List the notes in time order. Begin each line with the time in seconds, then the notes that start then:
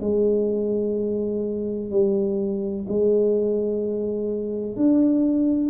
0.00 G#3
1.90 G3
2.88 G#3
4.76 D4